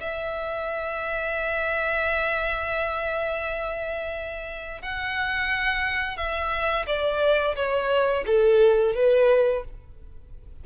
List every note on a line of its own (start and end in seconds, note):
0.00 4.82 E5
4.82 6.17 F#5
6.17 6.86 E5
6.87 7.56 D5
7.56 8.25 C#5
8.26 8.95 A4
8.95 9.64 B4